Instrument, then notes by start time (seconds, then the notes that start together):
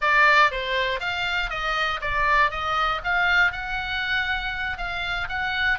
oboe
0.01 D5
0.51 C5
0.99 F5
1.50 D#5
2.01 D5
2.50 D#5
3.03 F5
3.52 F#5
4.77 F5
5.28 F#5